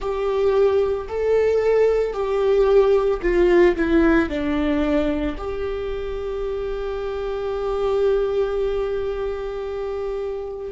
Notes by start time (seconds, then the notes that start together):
0.00 G4
1.08 A4
2.13 G4
3.21 F4
3.75 E4
4.29 D4
5.37 G4